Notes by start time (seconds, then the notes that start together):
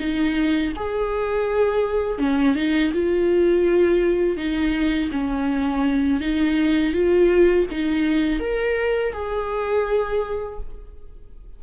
0.00 D#4
0.76 G#4
2.19 C#4
2.56 D#4
2.94 F4
4.37 D#4
5.12 C#4
6.21 D#4
6.94 F4
7.71 D#4
8.40 A#4
9.13 G#4